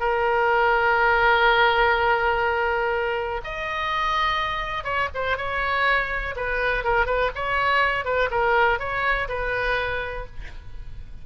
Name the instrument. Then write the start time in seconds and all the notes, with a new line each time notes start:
oboe
0.00 A#4
3.44 D#5
4.84 C#5
5.15 C5
5.37 C#5
6.37 B4
6.84 A#4
7.06 B4
7.35 C#5
8.05 B4
8.31 A#4
8.79 C#5
9.29 B4